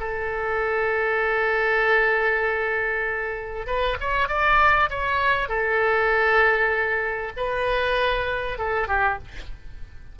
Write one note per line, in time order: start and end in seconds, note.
0.00 3.67 A4
3.67 3.97 B4
4.00 4.29 C#5
4.29 4.90 D5
4.90 5.49 C#5
5.49 7.32 A4
7.37 8.59 B4
8.59 8.88 A4
8.88 9.19 G4